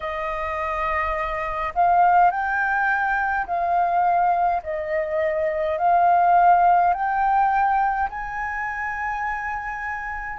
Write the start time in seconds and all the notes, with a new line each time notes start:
0.00 D#5
1.74 F5
2.31 G5
3.46 F5
4.63 D#5
5.77 F5
6.93 G5
8.09 G#5